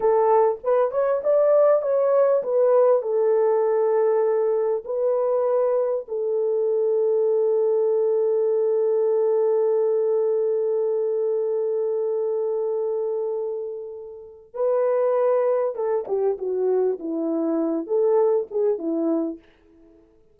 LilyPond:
\new Staff \with { instrumentName = "horn" } { \time 4/4 \tempo 4 = 99 a'4 b'8 cis''8 d''4 cis''4 | b'4 a'2. | b'2 a'2~ | a'1~ |
a'1~ | a'1 | b'2 a'8 g'8 fis'4 | e'4. a'4 gis'8 e'4 | }